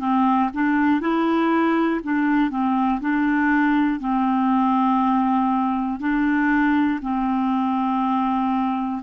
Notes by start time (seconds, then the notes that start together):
0.00 C4
0.54 D4
1.01 E4
2.04 D4
2.51 C4
3.01 D4
4.00 C4
6.00 D4
7.02 C4